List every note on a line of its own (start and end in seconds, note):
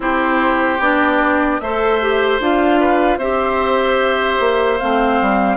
0.00 0.79 C4
0.00 0.79 E4
0.00 1.61 G4
0.00 0.81 C5
0.79 1.59 B3
0.79 1.61 D4
0.79 1.60 D5
1.60 2.39 A3
1.60 2.01 A4
1.60 2.80 C5
1.60 2.40 E5
2.01 2.40 G4
2.39 3.17 D4
2.39 3.20 F4
2.39 3.18 F5
2.80 3.18 B4
3.17 4.37 C4
3.17 4.79 G4
3.17 5.57 C5
3.17 4.78 E5
4.39 4.79 A#3
4.78 5.21 A3
4.78 5.57 C4
4.78 5.57 F5
5.21 5.57 G3